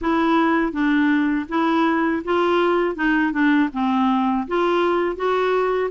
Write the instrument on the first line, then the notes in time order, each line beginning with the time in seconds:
clarinet
0.01 E4
0.72 D4
1.48 E4
2.24 F4
2.95 D#4
3.32 D4
3.72 C4
4.47 F4
5.16 F#4